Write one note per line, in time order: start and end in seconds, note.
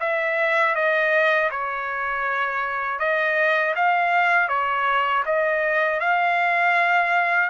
0.00 0.75 E5
0.75 1.50 D#5
1.51 2.99 C#5
2.99 3.74 D#5
3.76 4.48 F5
4.48 5.23 C#5
5.26 6.00 D#5
6.00 7.49 F5